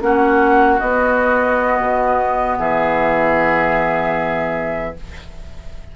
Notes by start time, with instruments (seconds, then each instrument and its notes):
0.00 bassoon A#3, clarinet C#4, oboe F#4, flute F#5
0.79 clarinet B3, bassoon B3, flute D#5
1.79 bassoon B2
2.58 bassoon E3, oboe G#4, flute E5